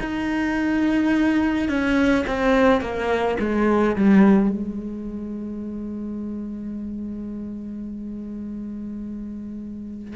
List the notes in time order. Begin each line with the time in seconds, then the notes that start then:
0.00 D#4
1.69 C#4
2.27 C4
2.81 A#3
3.40 G#3
3.96 G3
4.51 G#3